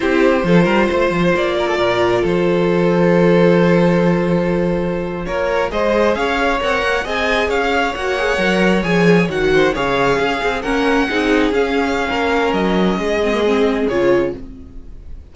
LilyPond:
<<
  \new Staff \with { instrumentName = "violin" } { \time 4/4 \tempo 4 = 134 c''2. d''4~ | d''4 c''2.~ | c''2.~ c''8. cis''16~ | cis''8. dis''4 f''4 fis''4 gis''16~ |
gis''8. f''4 fis''2 gis''16~ | gis''8. fis''4 f''2 fis''16~ | fis''4.~ fis''16 f''2~ f''16 | dis''2. cis''4 | }
  \new Staff \with { instrumentName = "violin" } { \time 4/4 g'4 a'8 ais'8 c''4. ais'16 a'16 | ais'4 a'2.~ | a'2.~ a'8. ais'16~ | ais'8. c''4 cis''2 dis''16~ |
dis''8. cis''2.~ cis''16~ | cis''4~ cis''16 c''8 cis''4 gis'4 ais'16~ | ais'8. gis'2~ gis'16 ais'4~ | ais'4 gis'2. | }
  \new Staff \with { instrumentName = "viola" } { \time 4/4 e'4 f'2.~ | f'1~ | f'1~ | f'8. gis'2 ais'4 gis'16~ |
gis'4.~ gis'16 fis'8 gis'8 ais'4 gis'16~ | gis'8. fis'4 gis'2 cis'16~ | cis'8. dis'4 cis'2~ cis'16~ | cis'4. c'16 ais16 c'4 f'4 | }
  \new Staff \with { instrumentName = "cello" } { \time 4/4 c'4 f8 g8 a8 f8 ais4 | ais,4 f2.~ | f2.~ f8. ais16~ | ais8. gis4 cis'4 c'8 ais8 c'16~ |
c'8. cis'4 ais4 fis4 f16~ | f8. dis4 cis4 cis'8 c'8 ais16~ | ais8. c'4 cis'4~ cis'16 ais4 | fis4 gis2 cis4 | }
>>